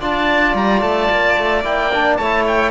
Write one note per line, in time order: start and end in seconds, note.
0.00 0.54 D4
0.00 1.64 F4
0.00 2.18 D5
0.00 0.56 A5
0.54 0.81 G3
0.54 0.81 A#5
0.81 1.09 A3
0.81 1.63 A5
1.10 1.37 A#3
1.38 1.64 A3
1.64 2.19 A#3
1.64 1.91 E4
1.64 2.16 G5
1.93 2.21 D4
2.16 2.71 A3
2.16 2.71 E4
2.16 2.71 C#5
2.16 2.44 A5
2.48 2.71 G5